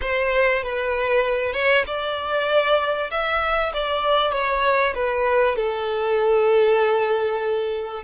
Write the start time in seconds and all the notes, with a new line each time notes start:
0.01 C5
0.63 B4
1.53 C#5
1.86 D5
3.10 E5
3.73 D5
4.32 C#5
4.95 B4
5.56 A4